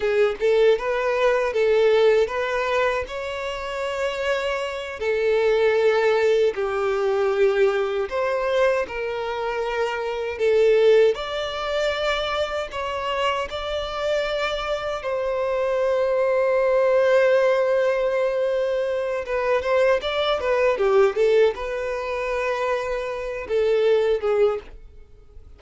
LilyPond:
\new Staff \with { instrumentName = "violin" } { \time 4/4 \tempo 4 = 78 gis'8 a'8 b'4 a'4 b'4 | cis''2~ cis''8 a'4.~ | a'8 g'2 c''4 ais'8~ | ais'4. a'4 d''4.~ |
d''8 cis''4 d''2 c''8~ | c''1~ | c''4 b'8 c''8 d''8 b'8 g'8 a'8 | b'2~ b'8 a'4 gis'8 | }